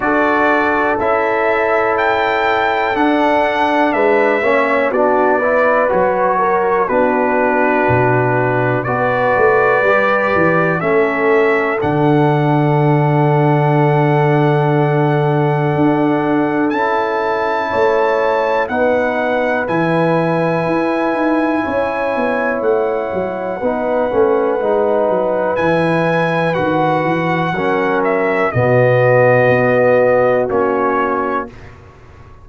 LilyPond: <<
  \new Staff \with { instrumentName = "trumpet" } { \time 4/4 \tempo 4 = 61 d''4 e''4 g''4 fis''4 | e''4 d''4 cis''4 b'4~ | b'4 d''2 e''4 | fis''1~ |
fis''4 a''2 fis''4 | gis''2. fis''4~ | fis''2 gis''4 fis''4~ | fis''8 e''8 dis''2 cis''4 | }
  \new Staff \with { instrumentName = "horn" } { \time 4/4 a'1 | b'8 cis''8 fis'8 b'4 ais'8 fis'4~ | fis'4 b'2 a'4~ | a'1~ |
a'2 cis''4 b'4~ | b'2 cis''2 | b'1 | ais'4 fis'2. | }
  \new Staff \with { instrumentName = "trombone" } { \time 4/4 fis'4 e'2 d'4~ | d'8 cis'8 d'8 e'8 fis'4 d'4~ | d'4 fis'4 g'4 cis'4 | d'1~ |
d'4 e'2 dis'4 | e'1 | dis'8 cis'8 dis'4 e'4 fis'4 | cis'4 b2 cis'4 | }
  \new Staff \with { instrumentName = "tuba" } { \time 4/4 d'4 cis'2 d'4 | gis8 ais8 b4 fis4 b4 | b,4 b8 a8 g8 e8 a4 | d1 |
d'4 cis'4 a4 b4 | e4 e'8 dis'8 cis'8 b8 a8 fis8 | b8 a8 gis8 fis8 e4 dis8 e8 | fis4 b,4 b4 ais4 | }
>>